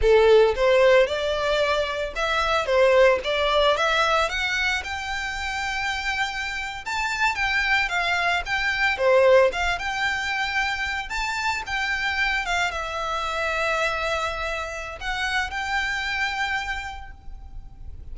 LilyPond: \new Staff \with { instrumentName = "violin" } { \time 4/4 \tempo 4 = 112 a'4 c''4 d''2 | e''4 c''4 d''4 e''4 | fis''4 g''2.~ | g''8. a''4 g''4 f''4 g''16~ |
g''8. c''4 f''8 g''4.~ g''16~ | g''8. a''4 g''4. f''8 e''16~ | e''1 | fis''4 g''2. | }